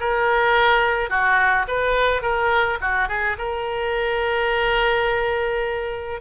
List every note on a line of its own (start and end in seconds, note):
0.00 1.09 A#4
1.09 1.66 F#4
1.67 2.22 B4
2.22 2.78 A#4
2.81 3.08 F#4
3.08 3.37 G#4
3.38 6.21 A#4